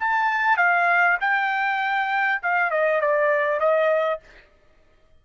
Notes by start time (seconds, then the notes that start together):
0.00 A5
0.57 F5
1.21 G5
2.43 F5
2.71 D#5
3.01 D5
3.60 D#5